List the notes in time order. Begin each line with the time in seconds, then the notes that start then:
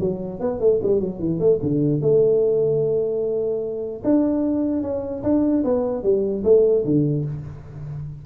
0.00 F#3
0.40 B3
0.60 A3
0.83 G3
1.00 F#3
1.19 E3
1.39 A3
1.62 D3
2.01 A3
4.04 D4
4.82 C#4
5.23 D4
5.64 B3
6.03 G3
6.44 A3
6.85 D3